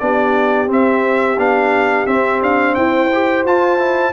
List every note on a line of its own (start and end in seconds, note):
0.00 0.69 B3
0.00 0.68 D4
0.00 2.76 G4
0.00 0.69 D5
0.68 1.37 C4
0.68 1.40 E5
1.37 2.06 B3
1.37 2.07 D4
1.37 2.07 F5
2.07 2.42 C4
2.07 3.11 C4
2.07 2.41 E5
2.42 2.77 D4
2.42 2.75 F5
2.75 3.45 E4
2.75 4.13 C5
2.75 3.44 G5
3.13 3.47 G4
3.45 4.13 F4
3.45 3.79 F4
3.45 4.13 A5
3.79 4.13 E4